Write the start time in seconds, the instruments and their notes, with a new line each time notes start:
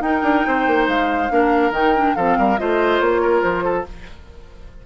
0.00 bassoon D#4, clarinet D#4, oboe A#4, flute G5
0.23 bassoon D4
0.47 bassoon C4, oboe C5
0.67 bassoon A#3
0.88 bassoon G#3, flute F5
1.30 bassoon A#3, clarinet D4, oboe A#4
1.71 bassoon D#3, clarinet D#4, flute G5
1.95 clarinet D4
2.15 bassoon F3, clarinet C4, oboe A4, flute F5
2.38 bassoon G3, oboe A#4
2.58 bassoon A3, clarinet F4, oboe C5, flute D#5
3.00 bassoon A#3, flute C#5
3.22 oboe A#4
3.42 bassoon F3, flute C5
3.64 oboe A4